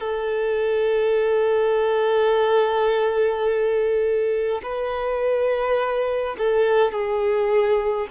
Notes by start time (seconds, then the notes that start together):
0.00 A4
4.63 B4
6.38 A4
6.92 G#4